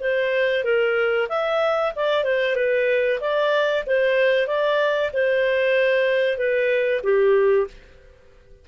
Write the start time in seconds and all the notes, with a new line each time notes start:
0.00 C5
0.64 A#4
1.29 E5
1.96 D5
2.24 C5
2.56 B4
3.20 D5
3.86 C5
4.47 D5
5.13 C5
6.37 B4
7.03 G4